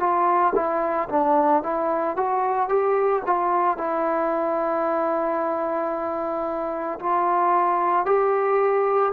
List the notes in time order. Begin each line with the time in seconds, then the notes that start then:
0.00 F4
0.56 E4
1.10 D4
1.63 E4
2.17 F#4
2.69 G4
3.26 F4
3.78 E4
7.00 F4
8.06 G4